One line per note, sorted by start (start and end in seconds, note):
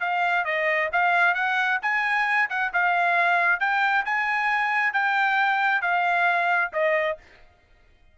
0.00 0.45 F5
0.45 0.90 D#5
0.93 1.35 F5
1.35 1.80 F#5
1.82 2.50 G#5
2.50 2.72 F#5
2.74 3.60 F5
3.60 4.05 G5
4.05 4.94 G#5
4.94 5.82 G5
5.82 6.71 F5
6.73 7.18 D#5